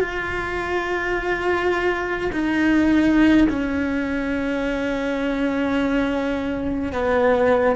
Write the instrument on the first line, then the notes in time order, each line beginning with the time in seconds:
cello
0.00 F4
2.32 D#4
3.48 C#4
6.92 B3